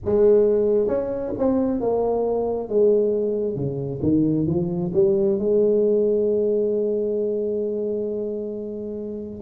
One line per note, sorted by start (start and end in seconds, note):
0.04 0.87 G#3
0.87 1.32 C#4
1.38 1.80 C4
1.80 2.69 A#3
2.69 3.55 G#3
3.55 4.00 C#3
4.02 4.47 D#3
4.47 4.91 F3
4.93 5.38 G3
5.38 9.41 G#3